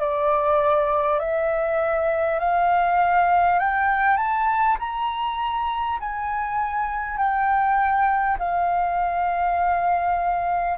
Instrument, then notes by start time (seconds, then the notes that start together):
flute
0.00 D5
1.20 E5
2.40 F5
3.59 G5
4.17 A5
4.79 A#5
6.01 G#5
7.18 G5
8.39 F5